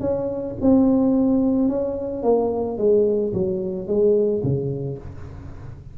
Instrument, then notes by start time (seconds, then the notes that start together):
tuba
0.00 C#4
0.61 C4
1.69 C#4
2.23 A#3
2.78 G#3
3.33 F#3
3.88 G#3
4.43 C#3